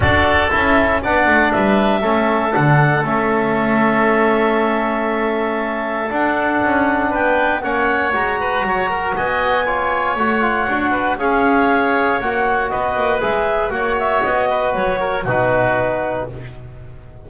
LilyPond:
<<
  \new Staff \with { instrumentName = "clarinet" } { \time 4/4 \tempo 4 = 118 d''4 e''4 fis''4 e''4~ | e''4 fis''4 e''2~ | e''1 | fis''2 g''4 fis''4 |
ais''2 gis''2 | fis''2 f''2 | fis''4 dis''4 e''4 fis''8 e''8 | dis''4 cis''4 b'2 | }
  \new Staff \with { instrumentName = "oboe" } { \time 4/4 a'2 d''4 b'4 | a'1~ | a'1~ | a'2 b'4 cis''4~ |
cis''8 b'8 cis''8 ais'8 dis''4 cis''4~ | cis''4. b'8 cis''2~ | cis''4 b'2 cis''4~ | cis''8 b'4 ais'8 fis'2 | }
  \new Staff \with { instrumentName = "trombone" } { \time 4/4 fis'4 e'4 d'2 | cis'4 d'4 cis'2~ | cis'1 | d'2. cis'4 |
fis'2. f'4 | fis'8 f'8 fis'4 gis'2 | fis'2 gis'4 fis'4~ | fis'2 dis'2 | }
  \new Staff \with { instrumentName = "double bass" } { \time 4/4 d'4 cis'4 b8 a8 g4 | a4 d4 a2~ | a1 | d'4 cis'4 b4 ais4 |
gis4 fis4 b2 | a4 d'4 cis'2 | ais4 b8 ais8 gis4 ais4 | b4 fis4 b,2 | }
>>